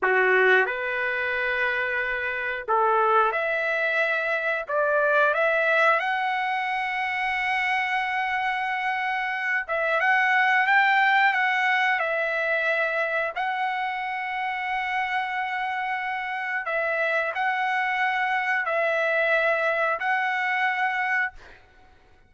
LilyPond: \new Staff \with { instrumentName = "trumpet" } { \time 4/4 \tempo 4 = 90 fis'4 b'2. | a'4 e''2 d''4 | e''4 fis''2.~ | fis''2~ fis''8 e''8 fis''4 |
g''4 fis''4 e''2 | fis''1~ | fis''4 e''4 fis''2 | e''2 fis''2 | }